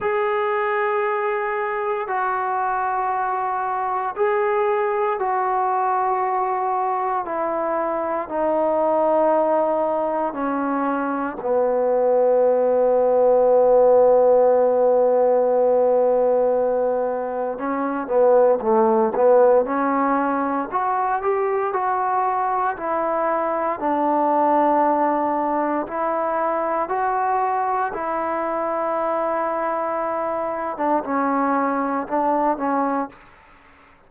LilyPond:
\new Staff \with { instrumentName = "trombone" } { \time 4/4 \tempo 4 = 58 gis'2 fis'2 | gis'4 fis'2 e'4 | dis'2 cis'4 b4~ | b1~ |
b4 cis'8 b8 a8 b8 cis'4 | fis'8 g'8 fis'4 e'4 d'4~ | d'4 e'4 fis'4 e'4~ | e'4.~ e'16 d'16 cis'4 d'8 cis'8 | }